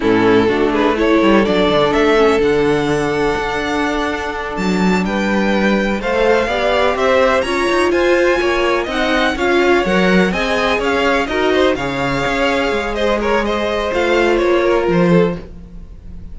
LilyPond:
<<
  \new Staff \with { instrumentName = "violin" } { \time 4/4 \tempo 4 = 125 a'4. b'8 cis''4 d''4 | e''4 fis''2.~ | fis''4. a''4 g''4.~ | g''8 f''2 e''4 ais''8~ |
ais''8 gis''2 fis''4 f''8~ | f''8 fis''4 gis''4 f''4 dis''8~ | dis''8 f''2~ f''8 dis''8 cis''8 | dis''4 f''4 cis''4 c''4 | }
  \new Staff \with { instrumentName = "violin" } { \time 4/4 e'4 fis'8 gis'8 a'2~ | a'1~ | a'2~ a'8 b'4.~ | b'8 c''4 d''4 c''4 cis''8~ |
cis''8 c''4 cis''4 dis''4 cis''8~ | cis''4. dis''4 cis''4 ais'8 | c''8 cis''2~ cis''8 c''8 ais'8 | c''2~ c''8 ais'4 a'8 | }
  \new Staff \with { instrumentName = "viola" } { \time 4/4 cis'4 d'4 e'4 d'4~ | d'8 cis'8 d'2.~ | d'1~ | d'8 a'4 g'2 f'8~ |
f'2~ f'8 dis'4 f'8~ | f'8 ais'4 gis'2 fis'8~ | fis'8 gis'2.~ gis'8~ | gis'4 f'2. | }
  \new Staff \with { instrumentName = "cello" } { \time 4/4 a,4 a4. g8 fis8 d8 | a4 d2 d'4~ | d'4. fis4 g4.~ | g8 a4 b4 c'4 cis'8 |
dis'8 f'4 ais4 c'4 cis'8~ | cis'8 fis4 c'4 cis'4 dis'8~ | dis'8 cis4 cis'4 gis4.~ | gis4 a4 ais4 f4 | }
>>